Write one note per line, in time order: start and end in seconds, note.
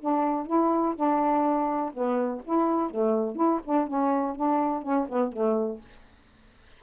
0.00 0.46 D4
0.46 0.95 E4
0.95 1.92 D4
1.94 2.42 B3
2.45 2.90 E4
2.90 3.36 A3
3.36 3.60 E4
3.65 3.87 D4
3.87 4.35 C#4
4.35 4.83 D4
4.83 5.07 C#4
5.09 5.32 B3
5.32 5.81 A3